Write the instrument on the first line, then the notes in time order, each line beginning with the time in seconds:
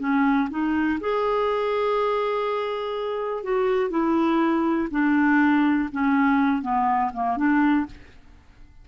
clarinet
0.00 C#4
0.50 D#4
1.00 G#4
3.44 F#4
3.90 E4
4.91 D4
5.92 C#4
6.62 B3
7.14 A#3
7.37 D4